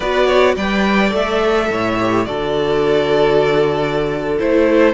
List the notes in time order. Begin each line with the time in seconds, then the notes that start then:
0.00 B3 F#4 B4 D5
0.26 C#5
0.56 G3 B4 D5 G5
1.09 A3 A4
1.15 E5
1.70 A2 C#5
2.00 G4
2.25 D3 F#4 A4 D5
4.38 A3 E4 C5